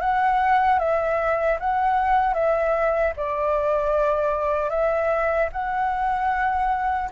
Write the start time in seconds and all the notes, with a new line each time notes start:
0.00 F#5
0.79 E5
1.59 F#5
2.34 E5
3.16 D5
4.69 E5
5.52 F#5